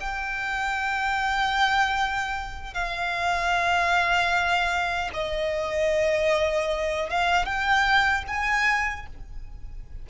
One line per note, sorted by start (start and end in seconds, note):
0.00 2.74 G5
2.74 5.11 F5
5.14 7.10 D#5
7.10 7.45 F5
7.45 8.24 G5
8.27 9.06 G#5